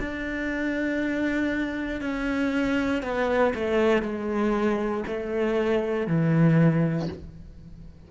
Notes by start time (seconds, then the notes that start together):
0.00 D4
2.02 C#4
3.03 B3
3.55 A3
4.02 G#3
5.07 A3
6.07 E3